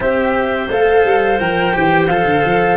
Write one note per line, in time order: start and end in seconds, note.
0.00 0.70 C4
0.00 0.68 G4
0.00 2.77 C5
0.00 0.69 E5
0.70 1.05 A3
0.70 1.40 A4
0.70 1.39 F5
1.05 1.39 G3
1.39 1.74 F3
1.39 1.73 A#4
1.39 2.07 G5
1.73 2.09 E3
1.73 2.08 G4
2.07 2.25 F3
2.07 2.77 A4
2.07 2.77 F5
2.25 2.42 D3
2.45 2.77 F3